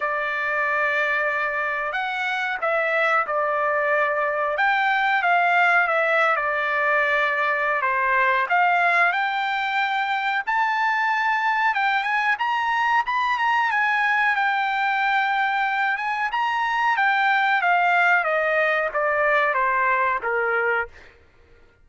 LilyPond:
\new Staff \with { instrumentName = "trumpet" } { \time 4/4 \tempo 4 = 92 d''2. fis''4 | e''4 d''2 g''4 | f''4 e''8. d''2~ d''16 | c''4 f''4 g''2 |
a''2 g''8 gis''8 ais''4 | b''8 ais''8 gis''4 g''2~ | g''8 gis''8 ais''4 g''4 f''4 | dis''4 d''4 c''4 ais'4 | }